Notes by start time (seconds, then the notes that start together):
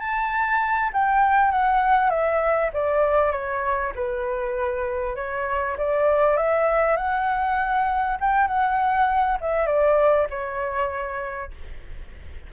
0.00 A5
0.94 G5
1.52 F#5
2.10 E5
2.74 D5
3.32 C#5
3.96 B4
5.16 C#5
5.78 D5
6.37 E5
6.97 F#5
8.21 G5
8.48 F#5
9.41 E5
9.67 D5
10.31 C#5